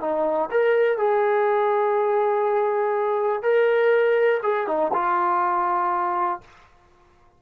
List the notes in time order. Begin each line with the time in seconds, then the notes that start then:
0.00 D#4
0.51 A#4
0.97 G#4
3.42 A#4
4.42 G#4
4.67 D#4
4.93 F4